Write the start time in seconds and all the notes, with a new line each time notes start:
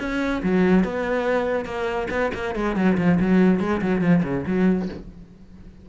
0.00 C#4
0.43 F#3
0.85 B3
1.65 A#3
2.11 B3
2.34 A#3
2.56 G#3
2.76 F#3
2.98 F3
3.21 F#3
3.60 G#3
3.82 F#3
4.01 F3
4.24 C#3
4.47 F#3